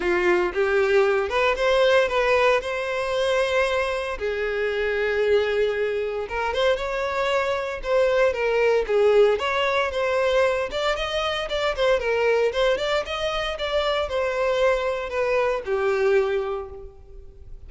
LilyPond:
\new Staff \with { instrumentName = "violin" } { \time 4/4 \tempo 4 = 115 f'4 g'4. b'8 c''4 | b'4 c''2. | gis'1 | ais'8 c''8 cis''2 c''4 |
ais'4 gis'4 cis''4 c''4~ | c''8 d''8 dis''4 d''8 c''8 ais'4 | c''8 d''8 dis''4 d''4 c''4~ | c''4 b'4 g'2 | }